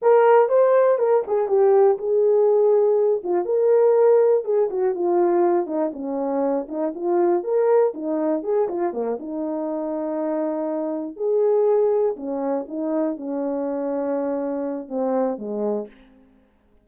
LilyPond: \new Staff \with { instrumentName = "horn" } { \time 4/4 \tempo 4 = 121 ais'4 c''4 ais'8 gis'8 g'4 | gis'2~ gis'8 f'8 ais'4~ | ais'4 gis'8 fis'8 f'4. dis'8 | cis'4. dis'8 f'4 ais'4 |
dis'4 gis'8 f'8 ais8 dis'4.~ | dis'2~ dis'8 gis'4.~ | gis'8 cis'4 dis'4 cis'4.~ | cis'2 c'4 gis4 | }